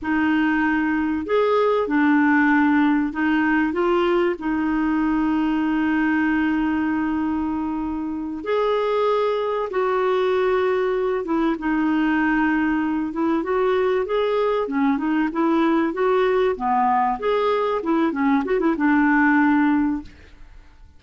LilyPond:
\new Staff \with { instrumentName = "clarinet" } { \time 4/4 \tempo 4 = 96 dis'2 gis'4 d'4~ | d'4 dis'4 f'4 dis'4~ | dis'1~ | dis'4. gis'2 fis'8~ |
fis'2 e'8 dis'4.~ | dis'4 e'8 fis'4 gis'4 cis'8 | dis'8 e'4 fis'4 b4 gis'8~ | gis'8 e'8 cis'8 fis'16 e'16 d'2 | }